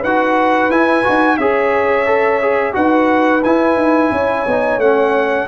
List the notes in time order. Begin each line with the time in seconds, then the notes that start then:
0.00 D#4 F#4 B4 F#5
0.70 E4 G#5
1.03 D#4 F#4
1.37 C#4 G#4 C#5 E5
2.06 A4
2.42 G#4
2.73 D#4 F#4 B4 F#5
3.44 E4 G#5
3.75 D#4
4.11 C#4 C#5
4.47 B3 D#4
4.78 A3 C#4 F#5